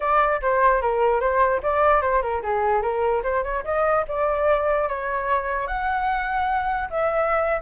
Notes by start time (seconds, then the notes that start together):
0.00 D5
0.41 C5
0.81 A#4
1.20 C5
1.63 D5
2.01 C5
2.22 A#4
2.42 G#4
2.82 A#4
3.23 C5
3.43 C#5
3.64 D#5
4.07 D5
4.88 C#5
5.67 F#5
6.90 E5